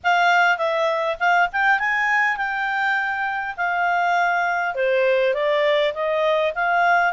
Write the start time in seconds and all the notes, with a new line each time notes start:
0.03 F5
0.57 E5
1.19 F5
1.52 G5
1.79 G#5
2.36 G5
3.56 F5
4.74 C5
5.34 D5
5.94 D#5
6.54 F5